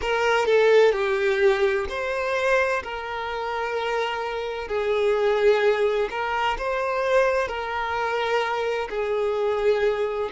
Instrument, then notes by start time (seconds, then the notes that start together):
violin
0.01 A#4
0.45 A4
0.92 G4
1.89 C5
2.83 A#4
4.68 G#4
6.10 A#4
6.58 C5
7.47 A#4
8.89 G#4